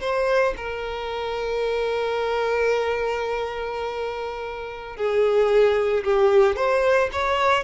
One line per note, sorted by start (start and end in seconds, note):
0.00 0.54 C5
0.57 4.96 A#4
4.96 6.03 G#4
6.04 6.56 G4
6.56 7.09 C5
7.12 7.63 C#5